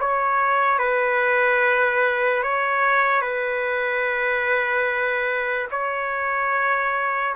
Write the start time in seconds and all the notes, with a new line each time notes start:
0.00 C#5
0.78 B4
2.43 C#5
3.21 B4
5.71 C#5